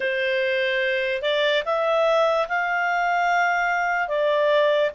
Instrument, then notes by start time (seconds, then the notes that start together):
clarinet
0.00 C5
1.22 D5
1.65 E5
2.48 F5
4.08 D5